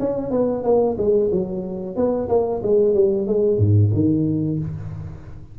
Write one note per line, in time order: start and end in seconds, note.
0.00 0.31 C#4
0.31 0.64 B3
0.64 0.97 A#3
0.98 1.30 G#3
1.32 1.96 F#3
1.96 2.29 B3
2.29 2.62 A#3
2.63 2.95 G#3
2.95 3.27 G3
3.27 3.58 G#3
3.58 3.91 G#2
3.94 4.59 D#3